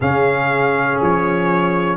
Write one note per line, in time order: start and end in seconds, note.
0.00 1.00 C#3
0.00 1.97 C#4
0.00 1.97 G#4
0.00 1.01 F5
1.01 1.97 F3
1.01 1.97 C#5